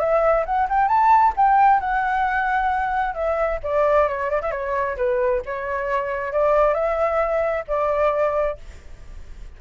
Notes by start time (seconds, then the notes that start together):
0.00 E5
0.46 F#5
0.69 G5
0.88 A5
1.37 G5
1.80 F#5
3.15 E5
3.63 D5
4.08 C#5
4.30 D5
4.42 E5
4.52 C#5
4.97 B4
5.46 C#5
6.33 D5
6.74 E5
7.68 D5